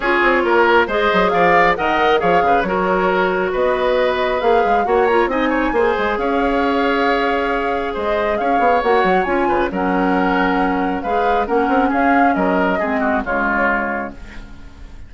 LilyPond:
<<
  \new Staff \with { instrumentName = "flute" } { \time 4/4 \tempo 4 = 136 cis''2 dis''4 f''4 | fis''4 f''4 cis''2 | dis''2 f''4 fis''8 ais''8 | gis''2 f''2~ |
f''2 dis''4 f''4 | fis''4 gis''4 fis''2~ | fis''4 f''4 fis''4 f''4 | dis''2 cis''2 | }
  \new Staff \with { instrumentName = "oboe" } { \time 4/4 gis'4 ais'4 c''4 d''4 | dis''4 cis''8 b'8 ais'2 | b'2. cis''4 | dis''8 cis''8 c''4 cis''2~ |
cis''2 c''4 cis''4~ | cis''4. b'8 ais'2~ | ais'4 b'4 ais'4 gis'4 | ais'4 gis'8 fis'8 f'2 | }
  \new Staff \with { instrumentName = "clarinet" } { \time 4/4 f'2 gis'2 | ais'4 gis'4 fis'2~ | fis'2 gis'4 fis'8 f'8 | dis'4 gis'2.~ |
gis'1 | fis'4 f'4 cis'2~ | cis'4 gis'4 cis'2~ | cis'4 c'4 gis2 | }
  \new Staff \with { instrumentName = "bassoon" } { \time 4/4 cis'8 c'8 ais4 gis8 fis8 f4 | dis4 f8 cis8 fis2 | b2 ais8 gis8 ais4 | c'4 ais8 gis8 cis'2~ |
cis'2 gis4 cis'8 b8 | ais8 fis8 cis'8 cis8 fis2~ | fis4 gis4 ais8 c'8 cis'4 | fis4 gis4 cis2 | }
>>